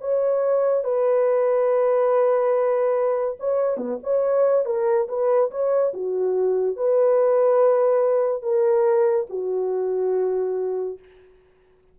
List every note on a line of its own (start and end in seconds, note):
0.00 0.84 C#5
0.84 3.37 B4
3.39 3.77 C#5
3.77 3.98 B3
4.03 4.65 C#5
4.65 5.07 A#4
5.08 5.50 B4
5.50 5.93 C#5
5.93 6.76 F#4
6.76 8.42 B4
8.42 9.27 A#4
9.29 10.98 F#4